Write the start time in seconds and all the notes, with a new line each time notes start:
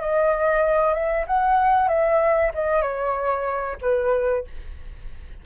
0.00 D#5
0.94 E5
1.27 F#5
1.88 E5
2.54 D#5
2.82 C#5
3.81 B4